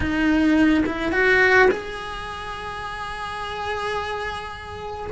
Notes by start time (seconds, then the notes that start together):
0.00 D#4
0.86 E4
1.12 F#4
1.71 G#4